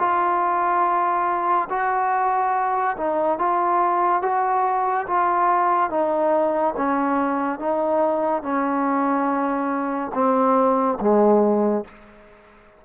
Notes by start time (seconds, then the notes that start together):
0.00 F4
1.70 F#4
2.98 D#4
3.39 F4
4.23 F#4
5.07 F4
5.90 D#4
6.78 C#4
7.59 D#4
8.43 C#4
10.14 C4
11.01 G#3